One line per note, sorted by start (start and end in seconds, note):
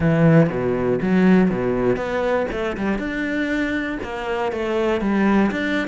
0.00 0.49 E3
0.49 0.99 B2
1.01 1.50 F#3
1.50 1.96 B2
1.96 2.46 B3
2.51 2.76 A3
2.77 2.98 G3
2.98 3.98 D4
4.03 4.52 A#3
4.52 5.00 A3
5.00 5.50 G3
5.51 5.87 D4